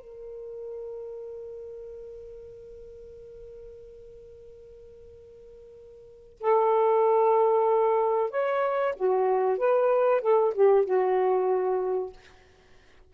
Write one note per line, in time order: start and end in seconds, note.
0.00 6.38 A#4
6.40 8.30 A4
8.30 8.94 C#5
8.96 9.58 F#4
9.58 10.21 B4
10.21 10.53 A4
10.54 10.85 G4
10.85 12.12 F#4